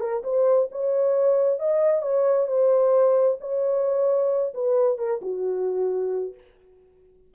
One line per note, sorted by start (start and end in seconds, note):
0.00 0.23 A#4
0.24 0.69 C5
0.72 1.59 C#5
1.59 2.02 D#5
2.02 2.47 C#5
2.47 3.38 C5
3.40 4.53 C#5
4.54 4.98 B4
4.98 5.21 A#4
5.21 6.34 F#4